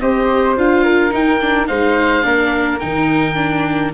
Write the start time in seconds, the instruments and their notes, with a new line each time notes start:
0.00 tuba C4, viola G4, flute C5, oboe D#5
0.57 tuba D4, viola F4, oboe F5
0.84 flute A#4
1.11 viola D#4, tuba D#4, oboe G5
1.41 viola D4
1.67 tuba G#3, viola D#4, flute C5, oboe F5
2.23 tuba A#3, viola D4, flute A#4
2.80 tuba D#3, viola D#4, oboe G5
3.35 viola D4